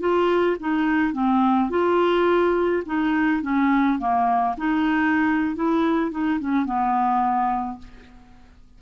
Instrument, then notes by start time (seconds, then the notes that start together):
clarinet
0.00 F4
0.60 D#4
1.13 C4
1.70 F4
2.86 D#4
3.42 C#4
3.99 A#3
4.58 D#4
5.55 E4
6.11 D#4
6.40 C#4
6.65 B3